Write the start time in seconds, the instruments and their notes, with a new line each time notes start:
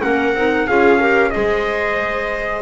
0.00 double bass A#3, clarinet C#4, viola A#4, trumpet F#5
0.34 double bass C4, clarinet D#4
0.67 double bass C#4, clarinet F4, viola G#4, trumpet F5
0.99 clarinet G4, viola A#4
1.30 double bass G#3, clarinet G#4, viola C5, trumpet D#5